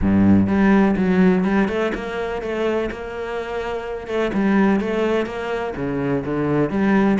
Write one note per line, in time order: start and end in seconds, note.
0.01 0.47 G2
0.47 0.95 G3
0.96 1.44 F#3
1.44 1.68 G3
1.68 1.92 A3
1.94 2.42 A#3
2.42 2.90 A3
2.91 4.07 A#3
4.07 4.31 A3
4.33 4.80 G3
4.80 5.26 A3
5.26 5.74 A#3
5.76 6.24 C#3
6.24 6.70 D3
6.70 7.18 G3